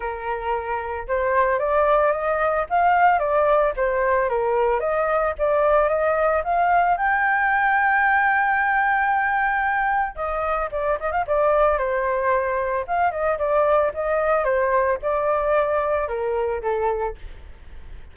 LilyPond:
\new Staff \with { instrumentName = "flute" } { \time 4/4 \tempo 4 = 112 ais'2 c''4 d''4 | dis''4 f''4 d''4 c''4 | ais'4 dis''4 d''4 dis''4 | f''4 g''2.~ |
g''2. dis''4 | d''8 dis''16 f''16 d''4 c''2 | f''8 dis''8 d''4 dis''4 c''4 | d''2 ais'4 a'4 | }